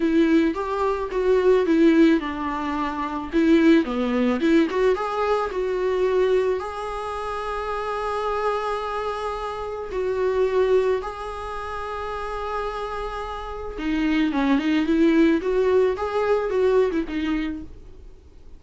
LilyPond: \new Staff \with { instrumentName = "viola" } { \time 4/4 \tempo 4 = 109 e'4 g'4 fis'4 e'4 | d'2 e'4 b4 | e'8 fis'8 gis'4 fis'2 | gis'1~ |
gis'2 fis'2 | gis'1~ | gis'4 dis'4 cis'8 dis'8 e'4 | fis'4 gis'4 fis'8. e'16 dis'4 | }